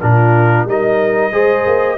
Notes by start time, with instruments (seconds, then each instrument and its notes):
0.00 tuba A#2, trombone D4, horn F4, trumpet A#4
0.65 tuba G3, trombone D#4, horn A#4, trumpet D#5
1.32 tuba G#3, trombone G#4, horn C5
1.66 tuba A#3